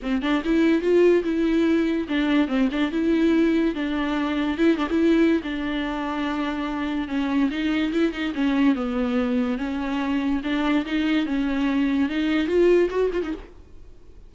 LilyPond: \new Staff \with { instrumentName = "viola" } { \time 4/4 \tempo 4 = 144 c'8 d'8 e'4 f'4 e'4~ | e'4 d'4 c'8 d'8 e'4~ | e'4 d'2 e'8 d'16 e'16~ | e'4 d'2.~ |
d'4 cis'4 dis'4 e'8 dis'8 | cis'4 b2 cis'4~ | cis'4 d'4 dis'4 cis'4~ | cis'4 dis'4 f'4 fis'8 f'16 dis'16 | }